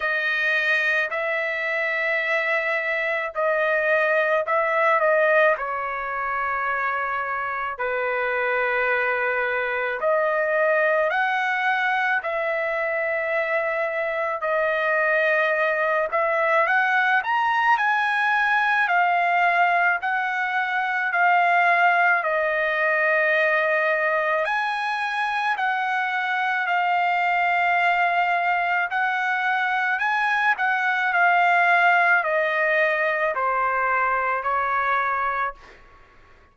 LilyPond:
\new Staff \with { instrumentName = "trumpet" } { \time 4/4 \tempo 4 = 54 dis''4 e''2 dis''4 | e''8 dis''8 cis''2 b'4~ | b'4 dis''4 fis''4 e''4~ | e''4 dis''4. e''8 fis''8 ais''8 |
gis''4 f''4 fis''4 f''4 | dis''2 gis''4 fis''4 | f''2 fis''4 gis''8 fis''8 | f''4 dis''4 c''4 cis''4 | }